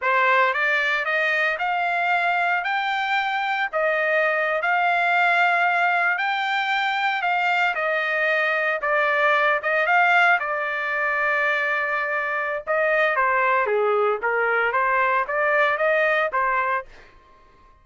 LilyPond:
\new Staff \with { instrumentName = "trumpet" } { \time 4/4 \tempo 4 = 114 c''4 d''4 dis''4 f''4~ | f''4 g''2 dis''4~ | dis''8. f''2. g''16~ | g''4.~ g''16 f''4 dis''4~ dis''16~ |
dis''8. d''4. dis''8 f''4 d''16~ | d''1 | dis''4 c''4 gis'4 ais'4 | c''4 d''4 dis''4 c''4 | }